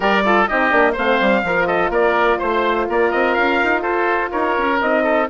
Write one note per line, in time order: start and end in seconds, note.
0.00 0.48 G3
0.00 0.24 G4
0.00 0.22 A#4
0.00 0.47 D5
0.24 0.48 F4
0.24 0.49 A4
0.47 0.72 C4
0.47 0.70 D#4
0.47 0.92 G4
0.47 0.95 D#5
0.70 0.96 A#3
0.70 0.94 D4
0.92 1.20 A3
0.92 1.44 C4
0.92 1.40 C5
0.92 1.66 F5
1.20 1.43 G3
1.43 1.89 F3
1.43 4.80 F4
1.43 1.67 A#4
1.66 1.90 A4
1.66 1.90 D#5
1.89 2.37 A#3
1.89 2.38 A#4
1.89 2.40 D5
2.38 2.88 A3
2.38 2.86 C5
2.38 2.88 C5
2.88 3.12 A#3
2.88 3.81 A#4
2.88 3.11 D5
3.11 3.37 C4
3.11 3.34 D#5
3.34 3.61 C#4
3.34 3.82 F5
3.63 3.84 D#4
3.81 4.32 F4
3.81 4.29 A4
3.81 4.31 C5
4.31 4.57 D#4
4.31 5.03 A#4
4.31 4.79 C#5
4.57 4.81 C#4
4.81 5.29 C4
4.81 5.29 D#4
4.81 5.29 D#5
5.03 5.27 A4